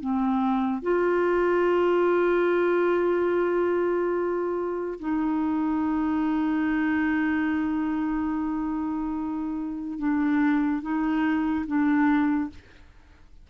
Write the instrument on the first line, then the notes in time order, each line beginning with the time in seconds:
clarinet
0.00 C4
0.82 F4
4.99 D#4
9.98 D4
10.81 D#4
11.66 D4